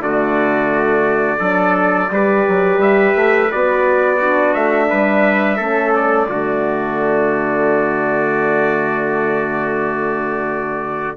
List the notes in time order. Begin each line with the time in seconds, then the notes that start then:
0.00 D3 A3 F#4 D5
1.39 F#3 D4 A4
2.11 G3 G4 B4
2.49 F#3
2.78 G3 E5
3.16 A3
3.52 B3 F#4 D5
4.17 D4 F#4
4.54 A3 E5
4.90 G3 B4
5.57 A3 C#4 A4
5.95 D5
6.29 D3 A3 F#4